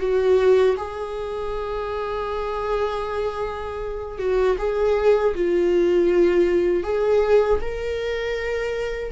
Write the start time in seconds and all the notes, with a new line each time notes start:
0.00 F#4
0.77 G#4
4.19 F#4
4.58 G#4
5.35 F4
6.84 G#4
7.61 A#4